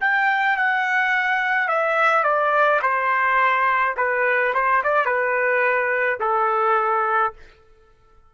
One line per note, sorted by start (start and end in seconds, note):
0.00 0.57 G5
0.57 1.68 F#5
1.68 2.23 E5
2.23 2.80 D5
2.82 3.95 C5
3.97 4.53 B4
4.54 4.82 C5
4.83 5.05 D5
5.05 6.19 B4
6.20 7.33 A4